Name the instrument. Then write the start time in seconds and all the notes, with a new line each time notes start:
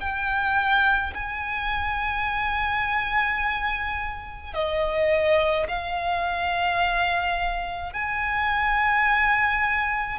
violin
0.00 G5
1.14 G#5
4.54 D#5
5.69 F5
7.93 G#5